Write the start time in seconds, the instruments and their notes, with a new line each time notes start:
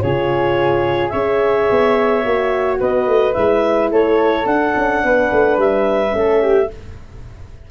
0.00 tuba C#3, horn F4, flute G#4, clarinet C#5
1.09 tuba C#4, horn G#4, flute C#5, clarinet E5
1.70 tuba B3
2.23 tuba A#3, horn F#4
2.79 tuba B3, flute B4, clarinet D#5
3.07 tuba A3
3.33 tuba G#3, horn E4, clarinet E5
3.91 tuba A3, flute A4, clarinet C#5
4.45 tuba D4, horn D4, clarinet F#5
4.76 tuba C#4
5.03 tuba B3, flute B4
5.31 tuba A3
5.57 tuba G3, clarinet E5
6.10 tuba A3, horn C#4
6.17 flute A4
6.42 flute G4